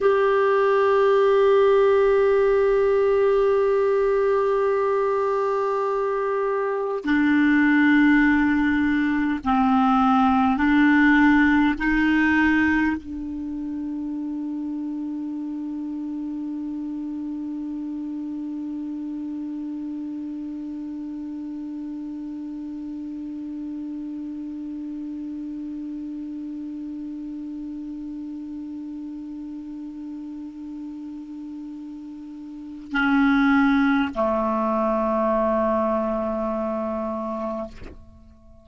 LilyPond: \new Staff \with { instrumentName = "clarinet" } { \time 4/4 \tempo 4 = 51 g'1~ | g'2 d'2 | c'4 d'4 dis'4 d'4~ | d'1~ |
d'1~ | d'1~ | d'1 | cis'4 a2. | }